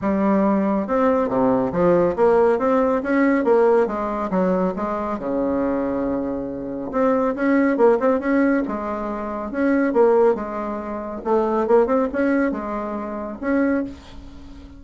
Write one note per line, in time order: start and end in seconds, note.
0.01 0.87 G3
0.87 1.29 C4
1.29 1.72 C3
1.72 2.15 F3
2.15 2.58 A#3
2.58 3.02 C4
3.02 3.44 C#4
3.44 3.86 A#3
3.86 4.29 G#3
4.30 4.73 F#3
4.76 5.18 G#3
5.18 6.91 C#3
6.91 7.34 C4
7.35 7.77 C#4
7.77 7.98 A#3
7.99 8.19 C4
8.19 8.62 C#4
8.67 9.51 G#3
9.51 9.93 C#4
9.93 10.34 A#3
10.34 11.21 G#3
11.24 11.67 A3
11.67 11.86 A#3
11.86 12.08 C4
12.12 12.51 C#4
12.51 13.38 G#3
13.40 13.84 C#4